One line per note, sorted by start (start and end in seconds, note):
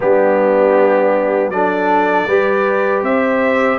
0.00 1.49 G3
0.00 1.52 B3
0.00 1.52 D4
0.00 1.50 G4
1.49 2.25 F#3
1.49 2.28 D4
1.49 2.27 A4
1.49 3.02 D5
2.26 3.02 G3
2.26 3.78 G4
2.26 3.02 B4
3.02 3.78 C4
3.02 3.78 C5
3.02 3.78 E5